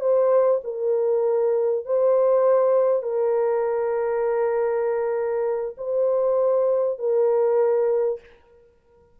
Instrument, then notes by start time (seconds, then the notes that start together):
horn
0.00 C5
0.64 A#4
1.85 C5
3.02 A#4
5.77 C5
6.99 A#4